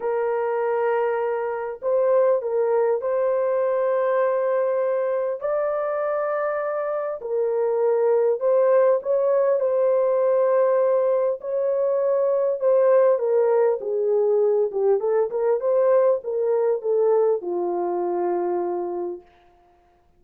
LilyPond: \new Staff \with { instrumentName = "horn" } { \time 4/4 \tempo 4 = 100 ais'2. c''4 | ais'4 c''2.~ | c''4 d''2. | ais'2 c''4 cis''4 |
c''2. cis''4~ | cis''4 c''4 ais'4 gis'4~ | gis'8 g'8 a'8 ais'8 c''4 ais'4 | a'4 f'2. | }